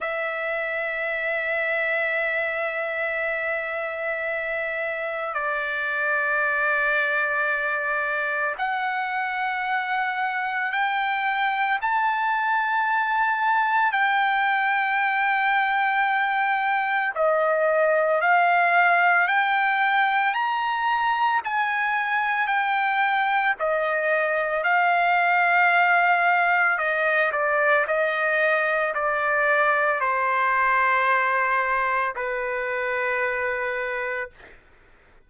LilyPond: \new Staff \with { instrumentName = "trumpet" } { \time 4/4 \tempo 4 = 56 e''1~ | e''4 d''2. | fis''2 g''4 a''4~ | a''4 g''2. |
dis''4 f''4 g''4 ais''4 | gis''4 g''4 dis''4 f''4~ | f''4 dis''8 d''8 dis''4 d''4 | c''2 b'2 | }